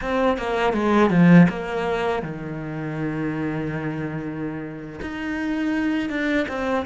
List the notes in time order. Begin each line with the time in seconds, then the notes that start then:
0.01 C4
0.37 A#3
0.73 G#3
1.10 F3
1.48 A#3
2.22 D#3
5.01 D#4
6.09 D4
6.48 C4